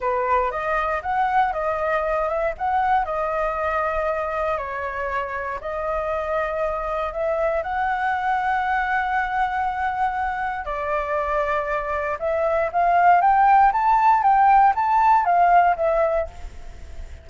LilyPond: \new Staff \with { instrumentName = "flute" } { \time 4/4 \tempo 4 = 118 b'4 dis''4 fis''4 dis''4~ | dis''8 e''8 fis''4 dis''2~ | dis''4 cis''2 dis''4~ | dis''2 e''4 fis''4~ |
fis''1~ | fis''4 d''2. | e''4 f''4 g''4 a''4 | g''4 a''4 f''4 e''4 | }